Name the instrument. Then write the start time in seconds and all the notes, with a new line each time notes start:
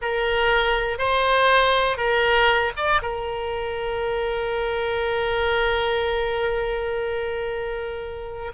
oboe
0.01 A#4
0.98 C5
1.97 A#4
2.76 D5
3.01 A#4